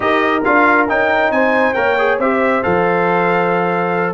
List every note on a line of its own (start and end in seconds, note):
0.00 0.43 D#4
0.00 0.41 G4
0.00 1.32 A#4
0.00 0.43 D#5
0.44 0.88 D4
0.44 0.87 F4
0.44 0.87 F5
0.87 1.30 C#4
0.87 1.74 D#4
0.87 1.31 G5
1.30 1.74 C4
1.30 1.76 C5
1.30 1.73 G#5
1.73 2.18 A#3
1.73 1.96 A#4
1.73 2.19 C#5
1.73 2.17 G5
1.98 2.20 G#4
2.18 2.62 C4
2.18 2.62 G4
2.18 4.14 C5
2.18 2.63 E5
2.62 4.14 F3
2.62 4.14 A4
2.62 4.14 F5